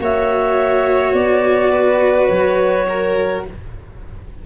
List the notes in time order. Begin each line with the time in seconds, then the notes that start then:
0.00 A#3 F#4 C#5 E5
1.14 B3 D5
1.71 B4
2.27 F#3 C#5
2.88 A#4